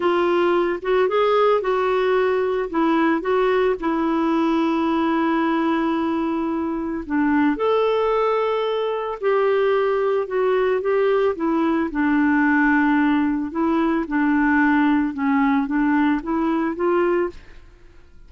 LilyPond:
\new Staff \with { instrumentName = "clarinet" } { \time 4/4 \tempo 4 = 111 f'4. fis'8 gis'4 fis'4~ | fis'4 e'4 fis'4 e'4~ | e'1~ | e'4 d'4 a'2~ |
a'4 g'2 fis'4 | g'4 e'4 d'2~ | d'4 e'4 d'2 | cis'4 d'4 e'4 f'4 | }